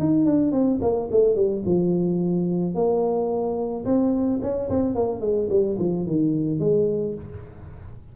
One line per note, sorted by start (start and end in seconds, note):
0.00 0.26 D#4
0.26 0.52 D4
0.52 0.80 C4
0.82 1.09 A#3
1.12 1.36 A3
1.36 1.63 G3
1.66 2.75 F3
2.75 3.85 A#3
3.85 4.40 C4
4.42 4.70 C#4
4.70 4.95 C4
4.95 5.21 A#3
5.21 5.49 G#3
5.50 5.78 G3
5.79 6.07 F3
6.07 6.60 D#3
6.60 7.15 G#3